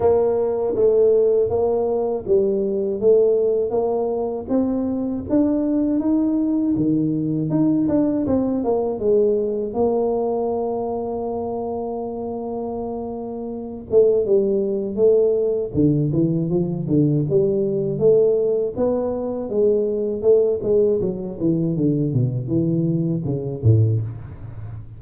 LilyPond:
\new Staff \with { instrumentName = "tuba" } { \time 4/4 \tempo 4 = 80 ais4 a4 ais4 g4 | a4 ais4 c'4 d'4 | dis'4 dis4 dis'8 d'8 c'8 ais8 | gis4 ais2.~ |
ais2~ ais8 a8 g4 | a4 d8 e8 f8 d8 g4 | a4 b4 gis4 a8 gis8 | fis8 e8 d8 b,8 e4 cis8 a,8 | }